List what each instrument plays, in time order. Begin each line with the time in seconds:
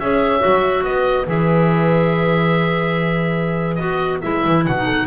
0.00 double bass C#4, clarinet G#4, horn C#5, oboe E5
0.40 double bass F#3, clarinet F#4
0.84 double bass B3, horn B4, oboe D#5
1.27 double bass E3, clarinet G#4, oboe E5
3.76 double bass B3, clarinet F#4, oboe D#5
4.22 double bass G#3, clarinet E4, oboe E5
4.46 double bass E3
4.67 double bass B2, oboe F#5
4.76 clarinet D#4
4.85 horn A4